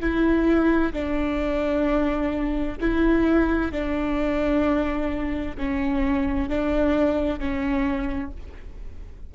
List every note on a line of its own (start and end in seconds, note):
0.00 0.92 E4
0.92 2.77 D4
2.80 3.71 E4
3.71 5.56 D4
5.57 6.48 C#4
6.48 7.39 D4
7.39 8.31 C#4